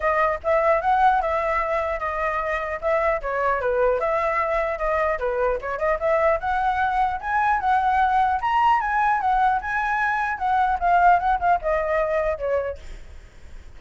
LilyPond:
\new Staff \with { instrumentName = "flute" } { \time 4/4 \tempo 4 = 150 dis''4 e''4 fis''4 e''4~ | e''4 dis''2 e''4 | cis''4 b'4 e''2 | dis''4 b'4 cis''8 dis''8 e''4 |
fis''2 gis''4 fis''4~ | fis''4 ais''4 gis''4 fis''4 | gis''2 fis''4 f''4 | fis''8 f''8 dis''2 cis''4 | }